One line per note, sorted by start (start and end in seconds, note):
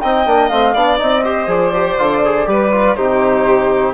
0.00 0.26 C4
0.00 0.26 D#4
0.00 0.74 D#5
0.00 0.48 G5
0.26 0.49 A#3
0.26 0.50 D4
0.48 0.74 A3
0.48 0.75 C4
0.48 0.98 F5
0.74 0.99 B3
0.74 0.98 D4
0.74 1.23 D5
0.98 1.47 C4
0.98 1.22 D#4
0.98 1.49 D#5
1.24 1.47 G4
1.24 2.47 C5
1.47 1.96 F3
1.47 1.72 G#4
1.47 2.95 D5
1.73 1.98 G4
1.98 2.46 D3
1.98 2.23 F4
2.25 2.45 G#4
2.45 2.95 G3
2.45 2.70 G4
2.45 2.96 B4
2.71 2.96 F4
2.95 3.93 C3
2.95 3.93 D#4
2.95 3.93 G4
2.95 3.93 C5